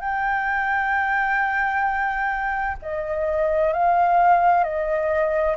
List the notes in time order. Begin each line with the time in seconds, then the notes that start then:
0.00 G5
2.82 D#5
3.73 F5
4.64 D#5